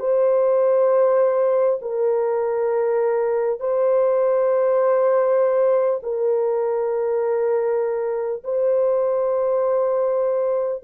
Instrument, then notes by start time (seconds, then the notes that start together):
horn
0.00 C5
1.82 A#4
3.60 C5
6.03 A#4
8.44 C5